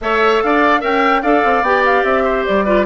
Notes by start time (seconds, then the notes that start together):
0.01 A3 A4 C#5 E5
0.42 D4 D5 F5
0.80 C#4 A#4 E5 G5
1.22 D4 A4 D5 F5
1.44 C4
1.62 B3 G4 G5
1.85 F5
2.03 C4 E5
2.24 C5
2.45 G3 D5
2.64 F4 B4